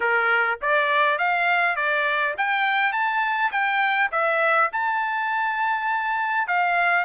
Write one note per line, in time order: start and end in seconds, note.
0.00 0.59 A#4
0.61 1.18 D5
1.18 1.75 F5
1.75 2.34 D5
2.37 2.92 G5
2.92 3.51 A5
3.51 4.10 G5
4.11 4.70 E5
4.72 6.47 A5
6.47 7.04 F5